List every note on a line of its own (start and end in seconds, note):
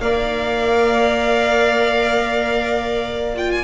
0.00 3.63 A#3
0.00 3.35 A#4
0.00 3.63 D5
0.00 3.35 F5
3.35 3.63 F4
3.35 3.51 G5
3.51 3.63 G#5